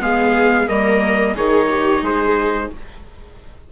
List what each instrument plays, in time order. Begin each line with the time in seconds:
0.00 bassoon G#3, viola B3 G#4, trumpet F5
0.68 bassoon G3, viola A#3 A#4, trumpet D#5
1.35 bassoon D#3, viola D#4 G#4, trumpet C#5
1.70 viola G4
2.02 bassoon G#3, viola G#4, trumpet C5